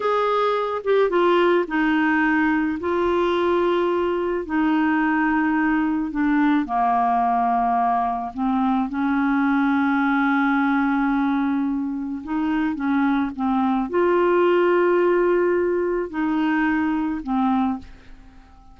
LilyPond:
\new Staff \with { instrumentName = "clarinet" } { \time 4/4 \tempo 4 = 108 gis'4. g'8 f'4 dis'4~ | dis'4 f'2. | dis'2. d'4 | ais2. c'4 |
cis'1~ | cis'2 dis'4 cis'4 | c'4 f'2.~ | f'4 dis'2 c'4 | }